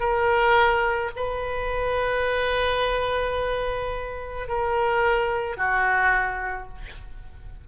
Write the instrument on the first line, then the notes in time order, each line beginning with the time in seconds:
oboe
0.00 A#4
1.16 B4
4.48 A#4
5.57 F#4